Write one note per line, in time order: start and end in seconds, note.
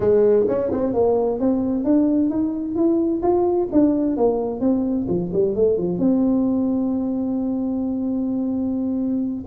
0.00 0.46 G#3
0.47 0.70 C#4
0.71 0.93 C4
0.93 1.39 A#3
1.39 1.84 C4
1.84 2.30 D4
2.30 2.75 D#4
2.75 3.21 E4
3.22 3.68 F4
3.72 4.16 D4
4.16 4.60 A#3
4.60 5.06 C4
5.08 5.31 F3
5.33 5.55 G3
5.55 5.77 A3
5.77 5.98 F3
5.98 9.44 C4